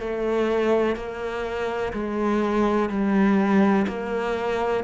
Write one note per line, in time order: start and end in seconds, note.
0.00 0.96 A3
0.96 1.93 A#3
1.94 2.89 G#3
2.89 3.86 G3
3.88 4.84 A#3